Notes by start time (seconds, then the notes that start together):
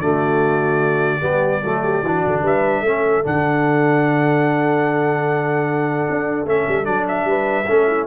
0.00 D3 A3 F#4 D5
1.20 G3 B3 G4
1.64 F#3 A3 A4
1.83 G4
2.02 E3 D4 F#4
2.26 D3
2.42 G3 B4 E5
2.81 A3 C#4 A4
3.24 D3 D4 F#5
6.09 D4
6.44 A3 C#4 E5
6.68 G3
6.84 F#3 D4 D5
7.08 E5
7.24 G3 B4
7.67 A3 C#4 A4
7.87 E4